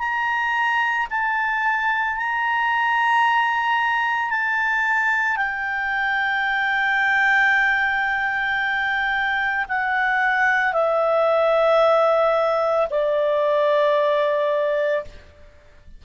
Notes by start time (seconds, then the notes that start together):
0.00 A#5
1.11 A5
2.17 A#5
4.31 A5
5.37 G5
9.69 F#5
10.73 E5
12.91 D5